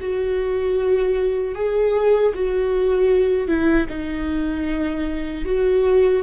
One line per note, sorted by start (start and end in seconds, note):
0.00 1.55 F#4
1.55 2.33 G#4
2.34 3.48 F#4
3.48 3.87 E4
3.89 5.45 D#4
5.45 6.23 F#4